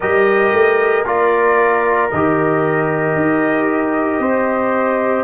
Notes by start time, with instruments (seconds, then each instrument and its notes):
0.00 tuba G3, trombone G4, horn A#4, trumpet D#5
0.52 tuba A3
1.03 tuba A#3, trombone F4, trumpet D5
2.10 tuba D#3, trombone G4, trumpet D#5
3.15 tuba D#4
4.19 tuba C4, horn C5